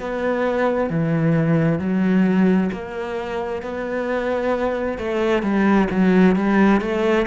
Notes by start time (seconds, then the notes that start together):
0.00 B3
0.90 E3
1.79 F#3
2.72 A#3
3.62 B3
4.98 A3
5.43 G3
5.90 F#3
6.36 G3
6.81 A3